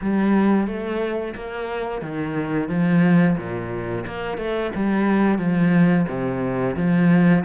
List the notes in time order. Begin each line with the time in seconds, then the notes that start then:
0.01 G3
0.67 A3
1.35 A#3
2.01 D#3
2.68 F3
3.37 A#2
4.06 A#3
4.37 A3
4.75 G3
5.38 F3
6.08 C3
6.76 F3